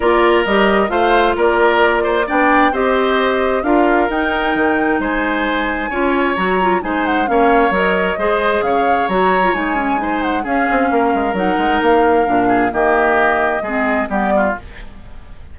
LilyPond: <<
  \new Staff \with { instrumentName = "flute" } { \time 4/4 \tempo 4 = 132 d''4 dis''4 f''4 d''4~ | d''4 g''4 dis''2 | f''4 g''2 gis''4~ | gis''2 ais''4 gis''8 fis''8 |
f''4 dis''2 f''4 | ais''4 gis''4. fis''8 f''4~ | f''4 fis''4 f''2 | dis''2. d''4 | }
  \new Staff \with { instrumentName = "oboe" } { \time 4/4 ais'2 c''4 ais'4~ | ais'8 c''8 d''4 c''2 | ais'2. c''4~ | c''4 cis''2 c''4 |
cis''2 c''4 cis''4~ | cis''2 c''4 gis'4 | ais'2.~ ais'8 gis'8 | g'2 gis'4 g'8 f'8 | }
  \new Staff \with { instrumentName = "clarinet" } { \time 4/4 f'4 g'4 f'2~ | f'4 d'4 g'2 | f'4 dis'2.~ | dis'4 f'4 fis'8 f'8 dis'4 |
cis'4 ais'4 gis'2 | fis'8. f'16 dis'8 cis'8 dis'4 cis'4~ | cis'4 dis'2 d'4 | ais2 c'4 b4 | }
  \new Staff \with { instrumentName = "bassoon" } { \time 4/4 ais4 g4 a4 ais4~ | ais4 b4 c'2 | d'4 dis'4 dis4 gis4~ | gis4 cis'4 fis4 gis4 |
ais4 fis4 gis4 cis4 | fis4 gis2 cis'8 c'8 | ais8 gis8 fis8 gis8 ais4 ais,4 | dis2 gis4 g4 | }
>>